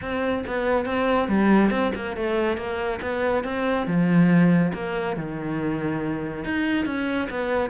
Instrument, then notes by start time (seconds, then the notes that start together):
cello
0.01 C4
0.46 B3
0.85 C4
1.28 G3
1.70 C4
1.95 A#3
2.16 A3
2.57 A#3
3.01 B3
3.44 C4
3.86 F3
4.73 A#3
5.16 D#3
6.44 D#4
6.85 C#4
7.30 B3